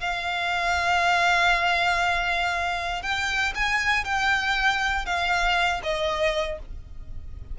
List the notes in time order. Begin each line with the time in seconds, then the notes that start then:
0.00 F5
3.03 G5
3.55 G#5
4.05 G5
5.06 F5
5.83 D#5